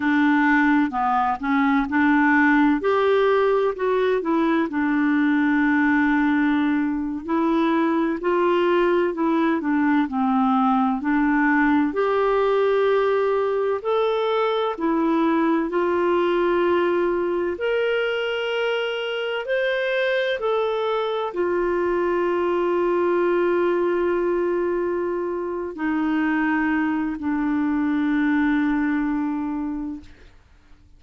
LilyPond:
\new Staff \with { instrumentName = "clarinet" } { \time 4/4 \tempo 4 = 64 d'4 b8 cis'8 d'4 g'4 | fis'8 e'8 d'2~ d'8. e'16~ | e'8. f'4 e'8 d'8 c'4 d'16~ | d'8. g'2 a'4 e'16~ |
e'8. f'2 ais'4~ ais'16~ | ais'8. c''4 a'4 f'4~ f'16~ | f'2.~ f'8 dis'8~ | dis'4 d'2. | }